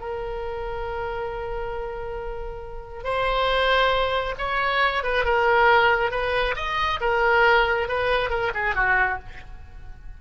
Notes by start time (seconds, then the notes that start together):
0.00 A#4
3.04 C5
4.38 C#5
5.04 B4
5.25 A#4
6.11 B4
6.56 D#5
7.01 A#4
7.89 B4
8.30 A#4
8.54 G#4
8.75 F#4